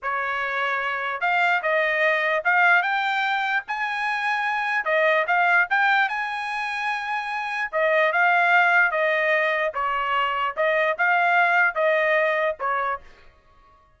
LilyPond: \new Staff \with { instrumentName = "trumpet" } { \time 4/4 \tempo 4 = 148 cis''2. f''4 | dis''2 f''4 g''4~ | g''4 gis''2. | dis''4 f''4 g''4 gis''4~ |
gis''2. dis''4 | f''2 dis''2 | cis''2 dis''4 f''4~ | f''4 dis''2 cis''4 | }